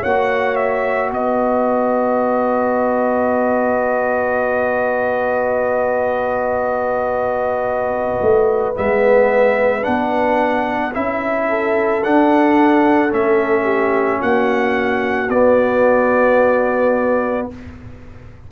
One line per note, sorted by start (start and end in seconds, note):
0.00 1.10 A#3
0.00 8.74 F#4
0.00 1.09 C#5
0.00 0.55 F#5
0.55 1.10 E5
1.10 8.20 B3
1.10 11.48 B4
1.10 8.77 D#5
8.21 8.76 A3
8.74 9.86 G#3
8.74 9.82 B3
8.74 9.83 E5
9.82 10.95 B3
9.82 10.91 D4
9.82 10.92 F#5
10.93 12.04 C#4
10.93 12.02 E4
10.93 12.03 E5
11.48 13.64 A4
12.03 13.09 D4
12.03 13.12 D4
12.03 13.12 F#5
13.09 14.21 A3
13.09 15.27 C#4
13.09 14.21 E5
13.64 14.18 G4
14.20 15.29 A#3
14.20 17.47 F#4
14.20 15.29 F#5
15.29 17.47 B3
15.29 17.51 B3
15.29 17.47 D5